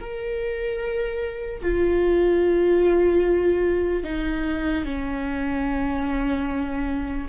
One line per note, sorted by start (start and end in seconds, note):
0.00 1.62 A#4
1.62 4.04 F4
4.04 4.85 D#4
4.85 7.28 C#4